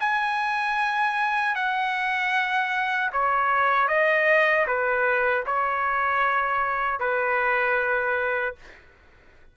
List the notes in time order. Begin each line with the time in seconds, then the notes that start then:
0.00 G#5
1.55 F#5
3.13 C#5
3.88 D#5
4.67 B4
5.46 C#5
7.00 B4